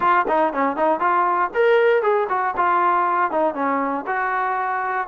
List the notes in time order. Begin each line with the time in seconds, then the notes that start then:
0.00 F4
0.28 D#4
0.53 C#4
0.76 D#4
1.00 F4
1.53 A#4
2.02 G#4
2.29 F#4
2.57 F4
3.31 D#4
3.54 C#4
4.07 F#4